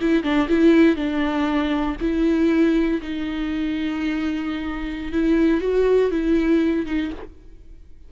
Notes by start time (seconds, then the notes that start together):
0.00 E4
0.23 D4
0.48 E4
0.96 D4
2.00 E4
3.01 D#4
5.12 E4
5.60 F#4
6.10 E4
6.85 D#4